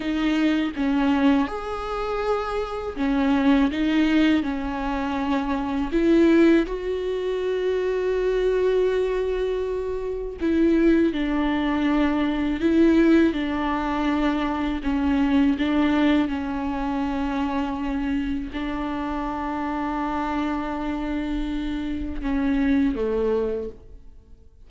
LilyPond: \new Staff \with { instrumentName = "viola" } { \time 4/4 \tempo 4 = 81 dis'4 cis'4 gis'2 | cis'4 dis'4 cis'2 | e'4 fis'2.~ | fis'2 e'4 d'4~ |
d'4 e'4 d'2 | cis'4 d'4 cis'2~ | cis'4 d'2.~ | d'2 cis'4 a4 | }